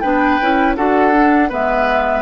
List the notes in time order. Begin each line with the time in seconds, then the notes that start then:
0.00 B3 D4 B4 G5
0.41 C#4 E4
0.76 D4 F#4 A4 F#5
1.12 D4
1.49 G#3 B3 B4 E5